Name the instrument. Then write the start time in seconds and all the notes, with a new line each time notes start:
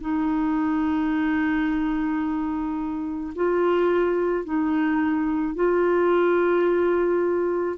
clarinet
0.00 D#4
3.35 F4
4.44 D#4
5.55 F4